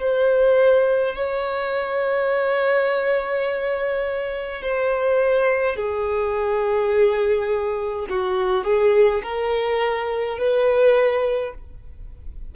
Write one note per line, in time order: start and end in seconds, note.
0.00 1.15 C5
1.15 4.62 C#5
4.62 5.76 C5
5.76 8.07 G#4
8.09 8.64 F#4
8.64 9.22 G#4
9.23 10.38 A#4
10.38 11.54 B4